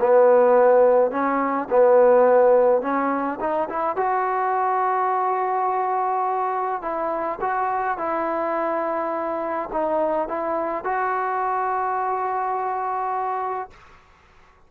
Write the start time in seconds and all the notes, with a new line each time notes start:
0.00 B3
1.11 C#4
1.70 B3
2.81 C#4
3.40 D#4
3.69 E4
3.96 F#4
6.81 E4
7.41 F#4
7.97 E4
9.72 D#4
10.28 E4
10.84 F#4